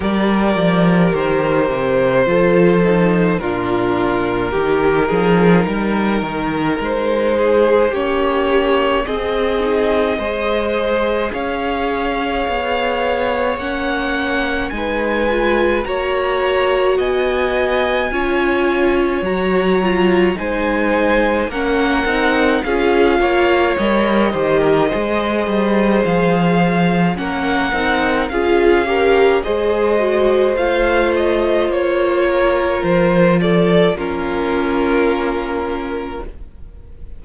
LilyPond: <<
  \new Staff \with { instrumentName = "violin" } { \time 4/4 \tempo 4 = 53 d''4 c''2 ais'4~ | ais'2 c''4 cis''4 | dis''2 f''2 | fis''4 gis''4 ais''4 gis''4~ |
gis''4 ais''4 gis''4 fis''4 | f''4 dis''2 f''4 | fis''4 f''4 dis''4 f''8 dis''8 | cis''4 c''8 d''8 ais'2 | }
  \new Staff \with { instrumentName = "violin" } { \time 4/4 ais'2 a'4 f'4 | g'8 gis'8 ais'4. gis'8 g'4 | gis'4 c''4 cis''2~ | cis''4 b'4 cis''4 dis''4 |
cis''2 c''4 ais'4 | gis'8 cis''4 c''16 ais'16 c''2 | ais'4 gis'8 ais'8 c''2~ | c''8 ais'4 a'8 f'2 | }
  \new Staff \with { instrumentName = "viola" } { \time 4/4 g'2 f'8 dis'8 d'4 | dis'2. cis'4 | c'8 dis'8 gis'2. | cis'4 dis'8 f'8 fis'2 |
f'4 fis'8 f'8 dis'4 cis'8 dis'8 | f'4 ais'8 g'8 gis'2 | cis'8 dis'8 f'8 g'8 gis'8 fis'8 f'4~ | f'2 cis'2 | }
  \new Staff \with { instrumentName = "cello" } { \time 4/4 g8 f8 dis8 c8 f4 ais,4 | dis8 f8 g8 dis8 gis4 ais4 | c'4 gis4 cis'4 b4 | ais4 gis4 ais4 b4 |
cis'4 fis4 gis4 ais8 c'8 | cis'8 ais8 g8 dis8 gis8 g8 f4 | ais8 c'8 cis'4 gis4 a4 | ais4 f4 ais2 | }
>>